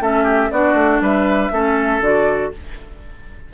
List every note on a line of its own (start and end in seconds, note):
0.00 0.50 A3
0.00 0.51 C#4
0.00 0.24 A4
0.00 0.51 E5
0.24 0.49 G4
0.51 0.74 B3
0.51 1.53 D4
0.51 1.02 F#4
0.51 1.01 D5
0.74 0.99 A3
1.01 1.51 G3
1.01 1.52 B4
1.01 2.04 E5
1.51 2.01 A3
1.51 2.02 C#4
1.51 2.53 A4
2.01 2.51 D3
2.01 2.52 F#4
2.01 2.54 D5